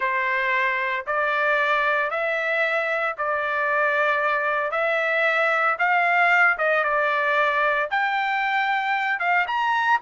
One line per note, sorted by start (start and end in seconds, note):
0.00 1.05 C5
1.06 2.10 D5
2.10 3.15 E5
3.17 4.71 D5
4.71 5.76 E5
5.78 6.57 F5
6.58 6.83 D#5
6.83 7.89 D5
7.90 9.19 G5
9.19 9.46 F5
9.47 10.00 A#5